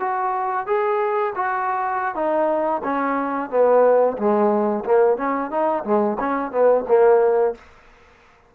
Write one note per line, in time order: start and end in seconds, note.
0.00 0.67 F#4
0.67 1.33 G#4
1.36 2.15 F#4
2.15 2.82 D#4
2.84 3.50 C#4
3.51 4.17 B3
4.18 4.85 G#3
4.85 5.17 A#3
5.17 5.51 C#4
5.51 5.84 D#4
5.84 6.18 G#3
6.20 6.52 C#4
6.52 6.85 B3
6.88 7.55 A#3